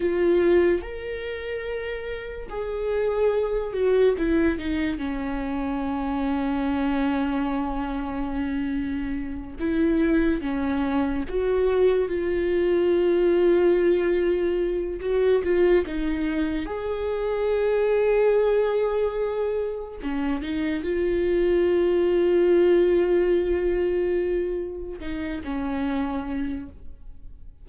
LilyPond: \new Staff \with { instrumentName = "viola" } { \time 4/4 \tempo 4 = 72 f'4 ais'2 gis'4~ | gis'8 fis'8 e'8 dis'8 cis'2~ | cis'2.~ cis'8 e'8~ | e'8 cis'4 fis'4 f'4.~ |
f'2 fis'8 f'8 dis'4 | gis'1 | cis'8 dis'8 f'2.~ | f'2 dis'8 cis'4. | }